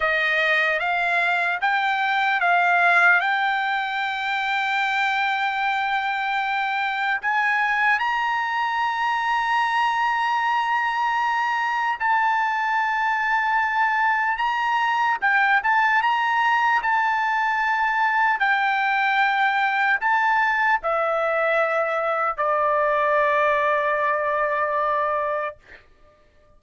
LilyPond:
\new Staff \with { instrumentName = "trumpet" } { \time 4/4 \tempo 4 = 75 dis''4 f''4 g''4 f''4 | g''1~ | g''4 gis''4 ais''2~ | ais''2. a''4~ |
a''2 ais''4 g''8 a''8 | ais''4 a''2 g''4~ | g''4 a''4 e''2 | d''1 | }